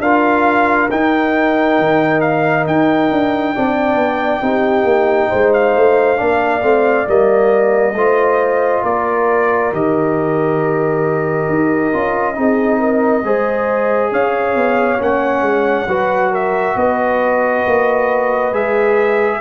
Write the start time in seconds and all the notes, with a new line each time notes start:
0.00 D4 F4 A#4 F5
0.91 D#4 G5
1.79 D#3
2.21 F5
2.67 D#4 G5
3.11 D4
3.56 C4 D4 D5
3.96 B3
4.42 C4 D#4 G4
4.84 A#3
5.30 G#3 C5
5.54 F5
5.77 A3
6.17 A#3 D4 D5
6.63 A3 C4
7.06 G3 A#3 D#5
7.95 A3 F4 C5
8.83 A#3 A#4 D5
9.73 D#3 G4 D#5
11.49 D#4
11.94 C#4 F4
12.35 C4 D#4 G#4
12.80 A#4
13.24 G#3 G#4 C5
14.12 C#4 C#5 F5
14.56 B3
14.99 A#3 C#4 F#5
15.42 G#3
15.87 F#3 F#4 B4
16.32 A#4 E5
16.76 B3 B4 D#5
17.67 A#3
18.52 G#3 G#4 E5